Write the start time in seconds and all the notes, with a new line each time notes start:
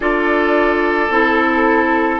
0.00 D4 F4 A4 D5
1.09 C4 E4 A4